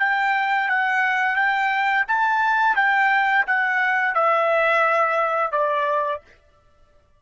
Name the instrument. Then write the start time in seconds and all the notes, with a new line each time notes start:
trumpet
0.00 G5
0.69 F#5
1.36 G5
2.08 A5
2.76 G5
3.47 F#5
4.15 E5
5.52 D5